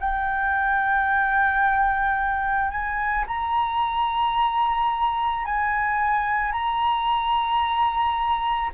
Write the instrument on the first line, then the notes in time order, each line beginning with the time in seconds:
flute
0.00 G5
2.71 G#5
3.27 A#5
5.45 G#5
6.52 A#5